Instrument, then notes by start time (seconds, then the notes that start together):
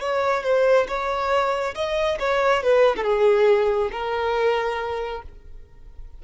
violin
0.00 C#5
0.43 C5
0.87 C#5
1.75 D#5
2.19 C#5
2.63 B4
2.96 A4
3.03 G#4
3.92 A#4